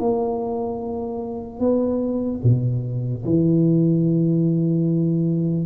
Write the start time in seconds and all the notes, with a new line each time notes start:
0.00 A#3
1.60 B3
2.43 B2
3.25 E3